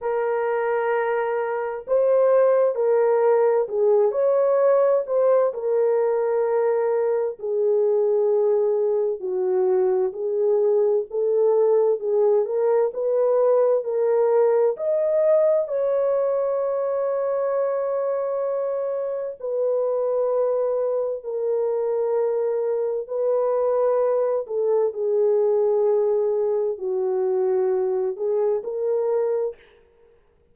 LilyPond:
\new Staff \with { instrumentName = "horn" } { \time 4/4 \tempo 4 = 65 ais'2 c''4 ais'4 | gis'8 cis''4 c''8 ais'2 | gis'2 fis'4 gis'4 | a'4 gis'8 ais'8 b'4 ais'4 |
dis''4 cis''2.~ | cis''4 b'2 ais'4~ | ais'4 b'4. a'8 gis'4~ | gis'4 fis'4. gis'8 ais'4 | }